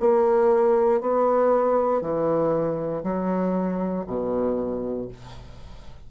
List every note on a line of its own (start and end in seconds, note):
0.00 1.01 A#3
1.01 2.01 B3
2.01 3.03 E3
3.03 4.05 F#3
4.07 5.08 B2